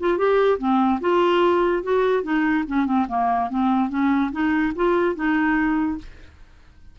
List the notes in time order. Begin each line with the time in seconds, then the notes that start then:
0.00 F4
0.18 G4
0.59 C4
1.01 F4
1.83 F#4
2.23 D#4
2.68 C#4
2.86 C4
3.08 A#3
3.50 C4
3.90 C#4
4.32 D#4
4.76 F4
5.16 D#4